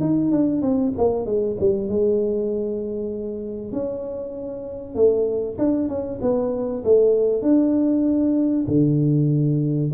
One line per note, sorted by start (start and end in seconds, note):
0.00 0.31 D#4
0.31 0.61 D4
0.61 0.92 C4
0.97 1.25 A#3
1.25 1.56 G#3
1.59 1.88 G3
1.88 3.72 G#3
3.72 4.95 C#4
4.95 5.56 A3
5.58 5.88 D4
5.88 6.19 C#4
6.21 6.83 B3
6.84 7.42 A3
7.42 8.65 D4
8.67 9.91 D3